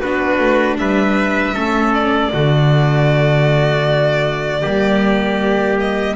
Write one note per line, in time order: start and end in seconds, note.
0.00 0.39 B3
0.00 1.54 D4
0.00 0.78 F#4
0.00 0.77 B4
0.39 0.78 A3
0.78 1.55 G3
0.78 1.54 B4
0.78 1.93 E5
1.54 2.33 A3
1.54 2.31 C#4
1.54 2.31 A4
1.93 5.78 D5
2.33 4.63 D3
2.33 4.63 A3
2.33 4.61 F#4
4.61 6.16 G3
4.61 6.16 A#3
4.61 6.15 G4
5.80 6.16 D#5